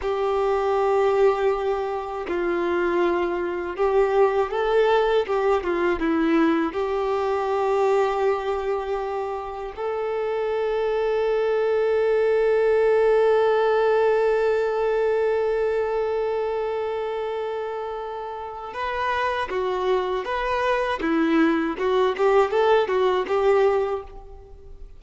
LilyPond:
\new Staff \with { instrumentName = "violin" } { \time 4/4 \tempo 4 = 80 g'2. f'4~ | f'4 g'4 a'4 g'8 f'8 | e'4 g'2.~ | g'4 a'2.~ |
a'1~ | a'1~ | a'4 b'4 fis'4 b'4 | e'4 fis'8 g'8 a'8 fis'8 g'4 | }